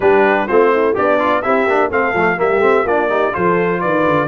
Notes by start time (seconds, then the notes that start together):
0.00 G3 D4 G4 B4
0.47 A3 C4 F4 C5
0.72 E4
0.94 B3 D4 G4 D5
1.18 F4
1.42 C4 E4 G4 E5
1.66 A#3 D4
1.90 A3 C4 A4 F5
2.13 F3 A3
2.36 G3 A#3 G4 E5
2.58 A3 C4
2.84 A#3 D4 F4 D5
3.09 D#4 G4
3.33 F3 F4 A4 C5
3.80 D#3 B4 D5
4.05 D3